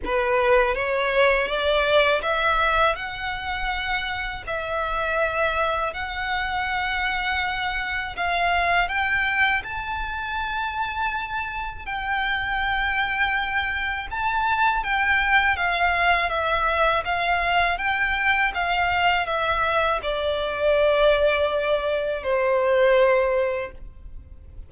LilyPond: \new Staff \with { instrumentName = "violin" } { \time 4/4 \tempo 4 = 81 b'4 cis''4 d''4 e''4 | fis''2 e''2 | fis''2. f''4 | g''4 a''2. |
g''2. a''4 | g''4 f''4 e''4 f''4 | g''4 f''4 e''4 d''4~ | d''2 c''2 | }